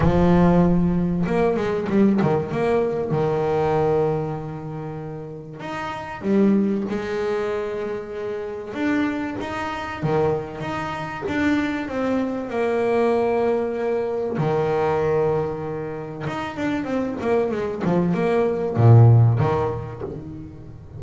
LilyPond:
\new Staff \with { instrumentName = "double bass" } { \time 4/4 \tempo 4 = 96 f2 ais8 gis8 g8 dis8 | ais4 dis2.~ | dis4 dis'4 g4 gis4~ | gis2 d'4 dis'4 |
dis4 dis'4 d'4 c'4 | ais2. dis4~ | dis2 dis'8 d'8 c'8 ais8 | gis8 f8 ais4 ais,4 dis4 | }